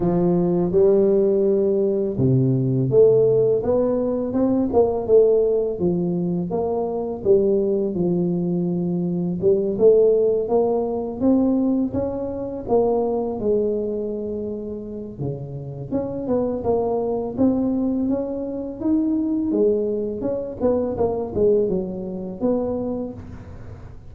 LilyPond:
\new Staff \with { instrumentName = "tuba" } { \time 4/4 \tempo 4 = 83 f4 g2 c4 | a4 b4 c'8 ais8 a4 | f4 ais4 g4 f4~ | f4 g8 a4 ais4 c'8~ |
c'8 cis'4 ais4 gis4.~ | gis4 cis4 cis'8 b8 ais4 | c'4 cis'4 dis'4 gis4 | cis'8 b8 ais8 gis8 fis4 b4 | }